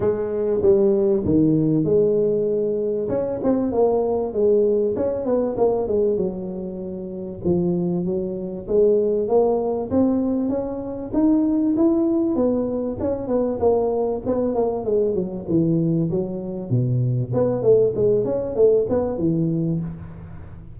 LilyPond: \new Staff \with { instrumentName = "tuba" } { \time 4/4 \tempo 4 = 97 gis4 g4 dis4 gis4~ | gis4 cis'8 c'8 ais4 gis4 | cis'8 b8 ais8 gis8 fis2 | f4 fis4 gis4 ais4 |
c'4 cis'4 dis'4 e'4 | b4 cis'8 b8 ais4 b8 ais8 | gis8 fis8 e4 fis4 b,4 | b8 a8 gis8 cis'8 a8 b8 e4 | }